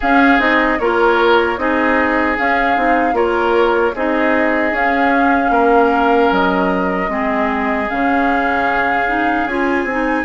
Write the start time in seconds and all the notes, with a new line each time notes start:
0.00 C#4 G#4 F5
0.38 C4 D#4 D#5
0.79 A#3 F4 A#4 C#5
1.57 C4 D#4 G#4 D#5
2.37 C#4 F5
2.76 C4 D#4
3.12 A#3 F4 A#4 C#5
3.94 C4 D#4 G#4 D#5
4.72 C#4 F5
5.50 A#3 A#4
6.31 F#3 D#5
7.08 G#3 C4 G#4
7.89 C#3 C#4 F5
9.07 D#4
9.45 C#4 F4 G#5
9.84 C4
9.90 D#4